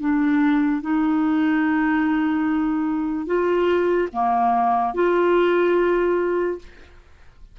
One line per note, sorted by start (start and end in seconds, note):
0.00 0.81 D4
0.81 3.26 D#4
3.26 4.08 F4
4.12 4.94 A#3
4.94 6.59 F4